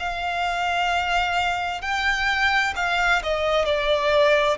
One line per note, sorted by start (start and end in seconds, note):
0.00 1.82 F5
1.82 2.74 G5
2.77 3.23 F5
3.23 3.65 D#5
3.65 4.58 D5